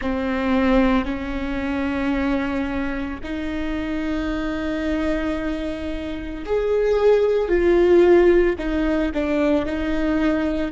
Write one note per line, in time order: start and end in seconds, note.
0.01 1.05 C4
1.05 3.19 C#4
3.23 6.44 D#4
6.45 7.48 G#4
7.48 8.55 F4
8.58 9.11 D#4
9.14 9.65 D4
9.65 10.71 D#4